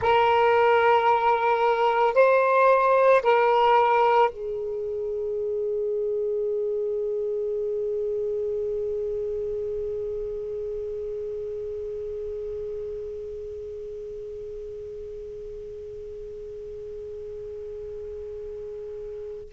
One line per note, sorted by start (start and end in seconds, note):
0.01 2.14 A#4
2.14 3.21 C5
3.22 4.30 A#4
4.31 19.53 G#4